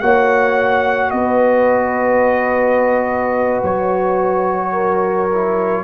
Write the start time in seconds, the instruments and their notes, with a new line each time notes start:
0.00 tuba A#3, trombone F#4, horn C#5, trumpet F#5
1.11 tuba B3, horn B4, trumpet D#5
3.63 tuba F#3, trumpet C#5
4.72 horn A#4
5.34 trombone E4